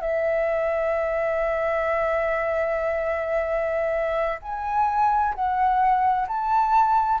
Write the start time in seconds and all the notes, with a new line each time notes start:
0.00 E5
4.42 G#5
5.35 F#5
6.28 A5